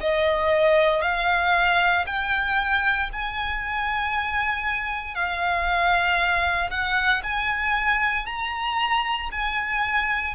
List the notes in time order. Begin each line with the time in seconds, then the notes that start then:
0.00 D#5
1.01 F5
2.06 G5
3.12 G#5
5.14 F5
6.70 F#5
7.23 G#5
8.26 A#5
9.32 G#5